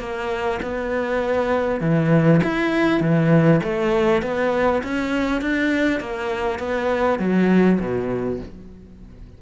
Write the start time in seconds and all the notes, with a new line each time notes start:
0.00 A#3
0.62 B3
1.81 E3
2.44 E4
3.01 E3
3.64 A3
4.22 B3
4.84 C#4
5.42 D4
6.01 A#3
6.59 B3
7.19 F#3
7.80 B2